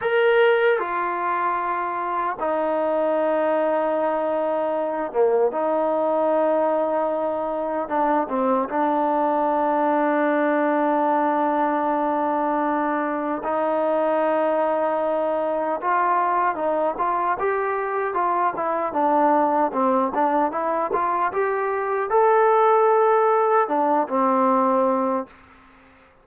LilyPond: \new Staff \with { instrumentName = "trombone" } { \time 4/4 \tempo 4 = 76 ais'4 f'2 dis'4~ | dis'2~ dis'8 ais8 dis'4~ | dis'2 d'8 c'8 d'4~ | d'1~ |
d'4 dis'2. | f'4 dis'8 f'8 g'4 f'8 e'8 | d'4 c'8 d'8 e'8 f'8 g'4 | a'2 d'8 c'4. | }